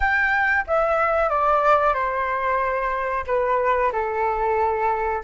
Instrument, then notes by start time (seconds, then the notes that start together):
flute
0.00 G5
0.67 E5
1.29 D5
1.94 C5
3.26 B4
3.92 A4